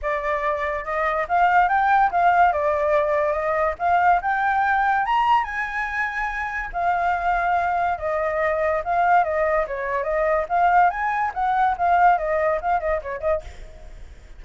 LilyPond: \new Staff \with { instrumentName = "flute" } { \time 4/4 \tempo 4 = 143 d''2 dis''4 f''4 | g''4 f''4 d''2 | dis''4 f''4 g''2 | ais''4 gis''2. |
f''2. dis''4~ | dis''4 f''4 dis''4 cis''4 | dis''4 f''4 gis''4 fis''4 | f''4 dis''4 f''8 dis''8 cis''8 dis''8 | }